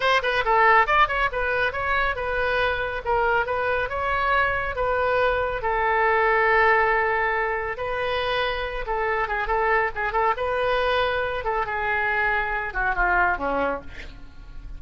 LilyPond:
\new Staff \with { instrumentName = "oboe" } { \time 4/4 \tempo 4 = 139 c''8 b'8 a'4 d''8 cis''8 b'4 | cis''4 b'2 ais'4 | b'4 cis''2 b'4~ | b'4 a'2.~ |
a'2 b'2~ | b'8 a'4 gis'8 a'4 gis'8 a'8 | b'2~ b'8 a'8 gis'4~ | gis'4. fis'8 f'4 cis'4 | }